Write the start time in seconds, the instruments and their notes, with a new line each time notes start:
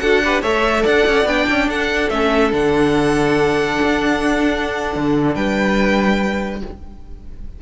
0.00 cello D4, viola F#4, violin A4 F#5
0.24 viola G4, violin B4
0.42 cello A3, viola A4, violin C#5 E5
0.83 cello D4, violin D5 F#5
1.08 cello C#4
1.25 cello B3, viola D4, violin G5
1.50 cello C#4
1.69 cello D4, violin A4 F#5
2.10 cello A3, viola C#4, violin E5
2.51 cello D3, viola D4, violin F#5
3.83 cello D4
4.96 cello D3
5.35 cello G3, violin B4 G5